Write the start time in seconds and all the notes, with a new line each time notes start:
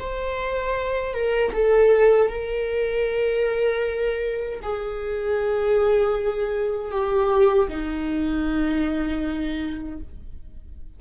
0.00 C5
1.14 A#4
1.54 A4
2.30 A#4
4.63 G#4
6.92 G4
7.69 D#4